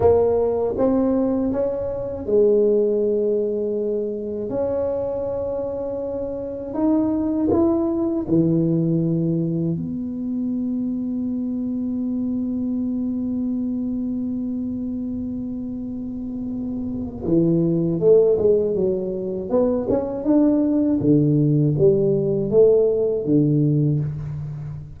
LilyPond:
\new Staff \with { instrumentName = "tuba" } { \time 4/4 \tempo 4 = 80 ais4 c'4 cis'4 gis4~ | gis2 cis'2~ | cis'4 dis'4 e'4 e4~ | e4 b2.~ |
b1~ | b2. e4 | a8 gis8 fis4 b8 cis'8 d'4 | d4 g4 a4 d4 | }